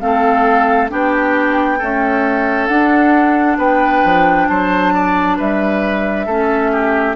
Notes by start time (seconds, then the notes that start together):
0.00 A3 C4 A4 F5
0.90 B3 D4 G4 G5
1.78 A3 C#4 A4
2.67 D4 F#5
3.57 B3 B4 G5
4.04 F3
4.49 F#3 C5 A5
4.94 D5
5.37 G3 B4 E5
6.26 A3 C#4 A4
6.72 G4